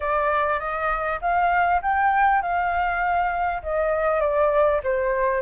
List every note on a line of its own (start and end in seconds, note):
0.00 0.59 D5
0.59 1.19 D#5
1.21 1.81 F5
1.82 2.42 G5
2.42 3.62 F5
3.62 4.20 D#5
4.20 4.80 D5
4.83 5.41 C5